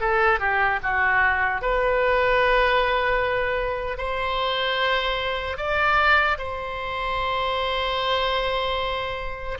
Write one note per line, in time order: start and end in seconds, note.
0.00 0.39 A4
0.39 0.79 G4
0.82 1.61 F#4
1.61 3.97 B4
3.97 5.57 C5
5.57 6.37 D5
6.38 9.58 C5